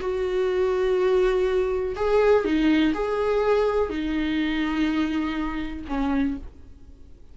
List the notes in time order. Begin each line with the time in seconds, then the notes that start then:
0.00 F#4
1.96 G#4
2.44 D#4
2.94 G#4
3.89 D#4
5.88 C#4